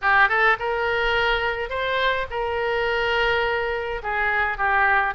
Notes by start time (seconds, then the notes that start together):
0.01 G4
0.28 A4
0.59 A#4
1.69 C5
2.30 A#4
4.03 G#4
4.57 G4